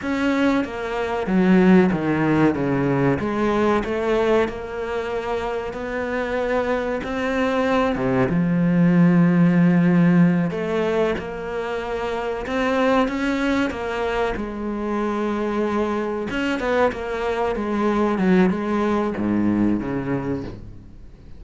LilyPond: \new Staff \with { instrumentName = "cello" } { \time 4/4 \tempo 4 = 94 cis'4 ais4 fis4 dis4 | cis4 gis4 a4 ais4~ | ais4 b2 c'4~ | c'8 c8 f2.~ |
f8 a4 ais2 c'8~ | c'8 cis'4 ais4 gis4.~ | gis4. cis'8 b8 ais4 gis8~ | gis8 fis8 gis4 gis,4 cis4 | }